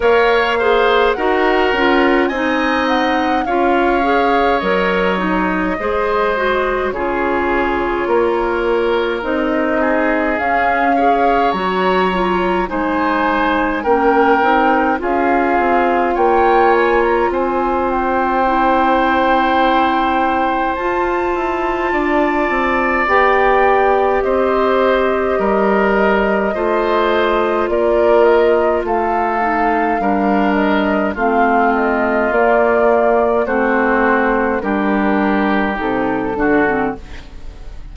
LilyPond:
<<
  \new Staff \with { instrumentName = "flute" } { \time 4/4 \tempo 4 = 52 f''4 fis''4 gis''8 fis''8 f''4 | dis''2 cis''2 | dis''4 f''4 ais''4 gis''4 | g''4 f''4 g''8 gis''16 ais''16 gis''8 g''8~ |
g''2 a''2 | g''4 dis''2. | d''8 dis''8 f''4. dis''8 f''8 dis''8 | d''4 c''4 ais'4 a'4 | }
  \new Staff \with { instrumentName = "oboe" } { \time 4/4 cis''8 c''8 ais'4 dis''4 cis''4~ | cis''4 c''4 gis'4 ais'4~ | ais'8 gis'4 cis''4. c''4 | ais'4 gis'4 cis''4 c''4~ |
c''2. d''4~ | d''4 c''4 ais'4 c''4 | ais'4 a'4 ais'4 f'4~ | f'4 fis'4 g'4. fis'8 | }
  \new Staff \with { instrumentName = "clarinet" } { \time 4/4 ais'8 gis'8 fis'8 f'8 dis'4 f'8 gis'8 | ais'8 dis'8 gis'8 fis'8 f'2 | dis'4 cis'8 gis'8 fis'8 f'8 dis'4 | cis'8 dis'8 f'2. |
e'2 f'2 | g'2. f'4~ | f'4. dis'8 d'4 c'4 | ais4 c'4 d'4 dis'8 d'16 c'16 | }
  \new Staff \with { instrumentName = "bassoon" } { \time 4/4 ais4 dis'8 cis'8 c'4 cis'4 | fis4 gis4 cis4 ais4 | c'4 cis'4 fis4 gis4 | ais8 c'8 cis'8 c'8 ais4 c'4~ |
c'2 f'8 e'8 d'8 c'8 | b4 c'4 g4 a4 | ais4 a4 g4 a4 | ais4 a4 g4 c8 d8 | }
>>